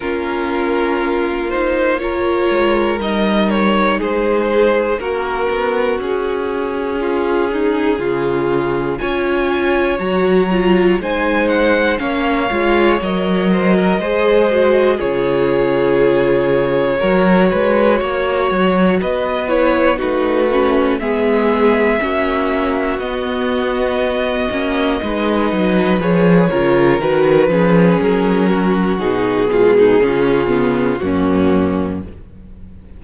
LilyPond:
<<
  \new Staff \with { instrumentName = "violin" } { \time 4/4 \tempo 4 = 60 ais'4. c''8 cis''4 dis''8 cis''8 | c''4 ais'4 gis'2~ | gis'4 gis''4 ais''4 gis''8 fis''8 | f''4 dis''2 cis''4~ |
cis''2. dis''8 cis''8 | b'4 e''2 dis''4~ | dis''2 cis''4 b'4 | ais'4 gis'2 fis'4 | }
  \new Staff \with { instrumentName = "violin" } { \time 4/4 f'2 ais'2 | gis'4 fis'2 f'8 dis'8 | f'4 cis''2 c''4 | cis''4. c''16 ais'16 c''4 gis'4~ |
gis'4 ais'8 b'8 cis''4 b'4 | fis'4 gis'4 fis'2~ | fis'4 b'4. ais'4 gis'8~ | gis'8 fis'4 f'16 dis'16 f'4 cis'4 | }
  \new Staff \with { instrumentName = "viola" } { \time 4/4 cis'4. dis'8 f'4 dis'4~ | dis'4 cis'2.~ | cis'4 f'4 fis'8 f'8 dis'4 | cis'8 f'8 ais'4 gis'8 fis'8 f'4~ |
f'4 fis'2~ fis'8 e'8 | dis'8 cis'8 b4 cis'4 b4~ | b8 cis'8 dis'4 gis'8 f'8 fis'8 cis'8~ | cis'4 dis'8 gis8 cis'8 b8 ais4 | }
  \new Staff \with { instrumentName = "cello" } { \time 4/4 ais2~ ais8 gis8 g4 | gis4 ais8 b8 cis'2 | cis4 cis'4 fis4 gis4 | ais8 gis8 fis4 gis4 cis4~ |
cis4 fis8 gis8 ais8 fis8 b4 | a4 gis4 ais4 b4~ | b8 ais8 gis8 fis8 f8 cis8 dis8 f8 | fis4 b,4 cis4 fis,4 | }
>>